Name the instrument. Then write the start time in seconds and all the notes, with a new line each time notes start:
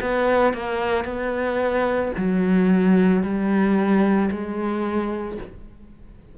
cello
0.00 B3
0.53 A#3
1.05 B3
2.17 F#3
3.22 G3
4.31 G#3